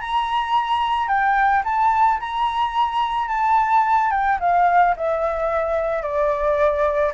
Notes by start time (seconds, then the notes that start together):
0.00 A#5
1.08 G5
1.64 A5
2.19 A#5
3.28 A5
4.11 G5
4.40 F5
4.96 E5
6.02 D5